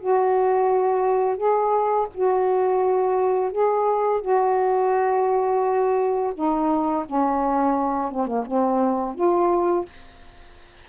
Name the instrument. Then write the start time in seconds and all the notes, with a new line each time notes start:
saxophone
0.00 F#4
1.37 G#4
2.14 F#4
3.52 G#4
4.21 F#4
6.35 D#4
7.06 C#4
8.11 C4
8.27 A#3
8.46 C4
9.15 F4